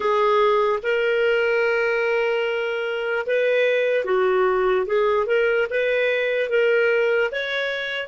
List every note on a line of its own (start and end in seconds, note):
0.00 0.79 G#4
0.82 3.25 A#4
3.26 4.04 B4
4.04 4.85 F#4
4.86 5.26 G#4
5.26 5.67 A#4
5.69 6.49 B4
6.49 7.30 A#4
7.31 8.07 C#5